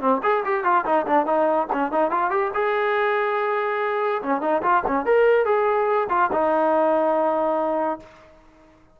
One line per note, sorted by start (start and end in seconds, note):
0.00 0.21 C4
0.23 0.43 G#4
0.44 0.64 G4
0.64 0.85 F4
0.85 1.06 D#4
1.06 1.25 D4
1.25 1.67 D#4
1.72 1.91 C#4
1.91 2.11 D#4
2.11 2.30 F4
2.30 2.51 G4
2.54 4.22 G#4
4.22 4.41 C#4
4.41 4.62 D#4
4.62 4.83 F4
4.87 5.05 C#4
5.05 5.45 A#4
5.45 6.08 G#4
6.09 6.30 F4
6.31 7.99 D#4